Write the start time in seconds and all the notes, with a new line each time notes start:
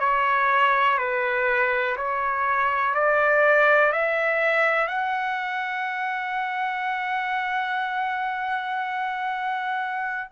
0.00 C#5
0.98 B4
1.97 C#5
2.95 D5
3.93 E5
4.88 F#5